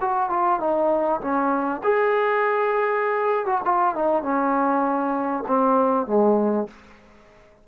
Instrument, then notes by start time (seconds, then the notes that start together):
trombone
0.00 F#4
0.29 F4
0.60 D#4
1.20 C#4
1.83 G#4
3.45 F#4
3.64 F4
3.95 D#4
4.22 C#4
5.47 C4
6.06 G#3